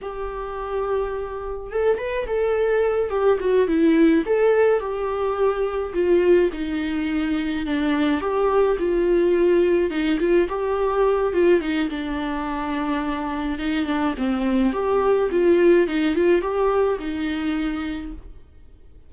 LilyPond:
\new Staff \with { instrumentName = "viola" } { \time 4/4 \tempo 4 = 106 g'2. a'8 b'8 | a'4. g'8 fis'8 e'4 a'8~ | a'8 g'2 f'4 dis'8~ | dis'4. d'4 g'4 f'8~ |
f'4. dis'8 f'8 g'4. | f'8 dis'8 d'2. | dis'8 d'8 c'4 g'4 f'4 | dis'8 f'8 g'4 dis'2 | }